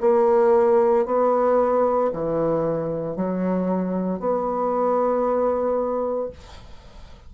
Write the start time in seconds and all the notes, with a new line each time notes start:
0.00 A#3
1.05 B3
2.12 E3
3.16 F#3
4.19 B3